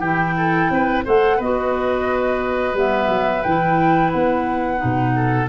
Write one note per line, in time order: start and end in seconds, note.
0.00 0.68 E3
0.00 1.06 E4
0.00 0.34 G4
0.00 1.03 G5
0.37 0.71 A4
0.70 1.05 C4
0.70 1.05 B4
1.05 1.40 A3
1.05 1.40 A4
1.05 1.37 C5
1.05 1.40 F#5
1.37 2.74 B3
1.37 2.75 F#4
1.37 5.12 B4
1.37 2.77 D#5
2.74 3.08 G3
2.74 3.43 B3
2.74 3.43 E5
3.10 3.44 F#3
3.43 4.14 E3
3.43 4.77 E4
3.43 4.12 G5
4.12 4.83 B3
4.12 5.48 F#5
4.77 5.46 D#4
4.84 5.49 B2
5.16 5.49 A4